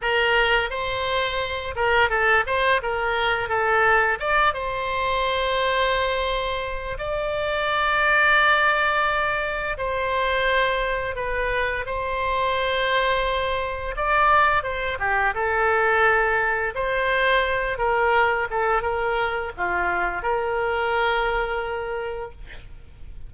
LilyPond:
\new Staff \with { instrumentName = "oboe" } { \time 4/4 \tempo 4 = 86 ais'4 c''4. ais'8 a'8 c''8 | ais'4 a'4 d''8 c''4.~ | c''2 d''2~ | d''2 c''2 |
b'4 c''2. | d''4 c''8 g'8 a'2 | c''4. ais'4 a'8 ais'4 | f'4 ais'2. | }